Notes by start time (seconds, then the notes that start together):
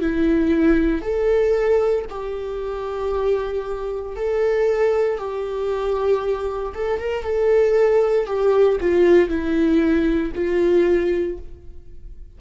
0.00 E4
1.01 A4
2.09 G4
4.16 A4
5.18 G4
6.74 A4
6.99 A#4
7.23 A4
8.26 G4
8.80 F4
9.28 E4
10.34 F4